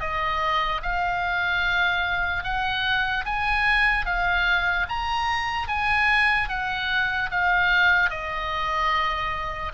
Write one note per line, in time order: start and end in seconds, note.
0.00 0.81 D#5
0.83 2.44 F5
2.44 3.25 F#5
3.25 4.06 G#5
4.06 4.87 F5
4.89 5.68 A#5
5.68 6.49 G#5
6.49 7.30 F#5
7.31 8.10 F5
8.10 9.72 D#5